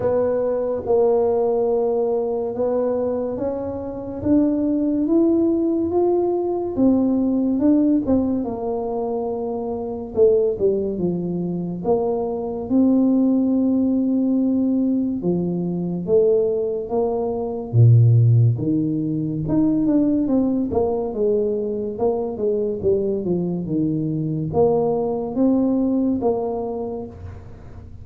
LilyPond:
\new Staff \with { instrumentName = "tuba" } { \time 4/4 \tempo 4 = 71 b4 ais2 b4 | cis'4 d'4 e'4 f'4 | c'4 d'8 c'8 ais2 | a8 g8 f4 ais4 c'4~ |
c'2 f4 a4 | ais4 ais,4 dis4 dis'8 d'8 | c'8 ais8 gis4 ais8 gis8 g8 f8 | dis4 ais4 c'4 ais4 | }